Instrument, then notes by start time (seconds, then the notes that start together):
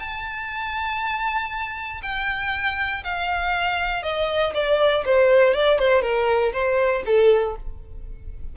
violin
0.00 A5
2.03 G5
3.05 F5
4.03 D#5
4.54 D5
5.06 C5
5.54 D5
5.79 C5
6.03 A#4
6.53 C5
7.06 A4